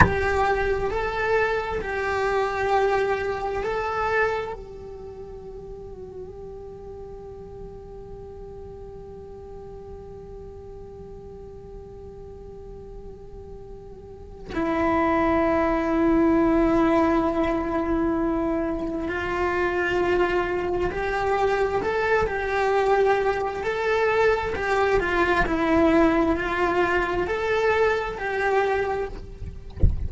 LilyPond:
\new Staff \with { instrumentName = "cello" } { \time 4/4 \tempo 4 = 66 g'4 a'4 g'2 | a'4 g'2.~ | g'1~ | g'1 |
e'1~ | e'4 f'2 g'4 | a'8 g'4. a'4 g'8 f'8 | e'4 f'4 a'4 g'4 | }